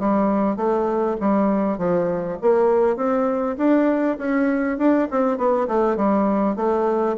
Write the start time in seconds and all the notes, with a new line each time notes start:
0.00 G3
0.57 A3
1.21 G3
1.78 F3
2.42 A#3
2.97 C4
3.58 D4
4.19 C#4
4.79 D4
5.11 C4
5.38 B3
5.68 A3
5.97 G3
6.56 A3